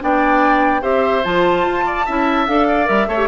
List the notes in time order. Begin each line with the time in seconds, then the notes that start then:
0.00 B3 D4 D5 G5
0.81 C4 G4 C5 E5
1.23 F3 F4 A5
1.65 F4
1.86 D5
2.05 C#4 E4 E5
2.46 D4 A4 F5
2.67 D5
2.85 G3 A#4 E5
3.07 A3 A4 C#5
3.17 G4